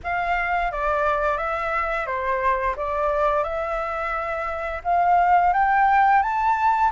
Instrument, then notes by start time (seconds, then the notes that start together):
flute
0.03 F5
0.71 D5
1.37 E5
2.06 C5
2.76 D5
3.43 E5
4.84 F5
5.53 G5
6.22 A5